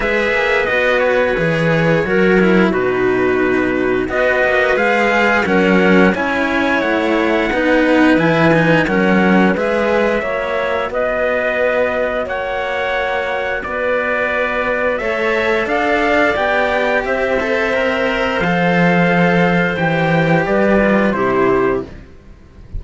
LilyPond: <<
  \new Staff \with { instrumentName = "trumpet" } { \time 4/4 \tempo 4 = 88 e''4 dis''8 cis''2~ cis''8 | b'2 dis''4 f''4 | fis''4 gis''4 fis''2 | gis''4 fis''4 e''2 |
dis''2 fis''2 | d''2 e''4 f''4 | g''4 e''2 f''4~ | f''4 g''4 d''4 c''4 | }
  \new Staff \with { instrumentName = "clarinet" } { \time 4/4 b'2. ais'4 | fis'2 b'2 | ais'4 cis''2 b'4~ | b'4 ais'4 b'4 cis''4 |
b'2 cis''2 | b'2 cis''4 d''4~ | d''4 c''2.~ | c''2 b'4 g'4 | }
  \new Staff \with { instrumentName = "cello" } { \time 4/4 gis'4 fis'4 gis'4 fis'8 e'8 | dis'2 fis'4 gis'4 | cis'4 e'2 dis'4 | e'8 dis'8 cis'4 gis'4 fis'4~ |
fis'1~ | fis'2 a'2 | g'4. a'8 ais'4 a'4~ | a'4 g'4. f'8 e'4 | }
  \new Staff \with { instrumentName = "cello" } { \time 4/4 gis8 ais8 b4 e4 fis4 | b,2 b8 ais8 gis4 | fis4 cis'4 a4 b4 | e4 fis4 gis4 ais4 |
b2 ais2 | b2 a4 d'4 | b4 c'2 f4~ | f4 e4 g4 c4 | }
>>